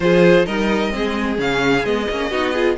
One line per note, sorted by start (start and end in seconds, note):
0.00 0.45 F3
0.00 0.46 F4
0.00 0.46 G#4
0.00 0.45 C5
0.45 0.93 G3
0.45 0.90 D#4
0.45 0.92 A#4
0.45 1.37 D#5
0.90 1.38 G#3
0.90 1.36 C4
0.90 2.30 G#4
1.38 1.84 C#3
1.38 1.84 C#4
1.38 1.85 F5
1.84 2.07 G#3
1.84 2.08 B3
1.84 2.77 D#5
2.10 2.31 A#3
2.10 2.32 C#4
2.30 2.77 B3
2.30 2.54 D#4
2.30 2.52 F#4
2.52 2.77 F4
2.52 2.75 G#4